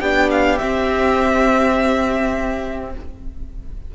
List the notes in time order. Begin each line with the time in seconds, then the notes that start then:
0.00 B3 D4 G4 G5
0.31 F5
0.59 C4 E5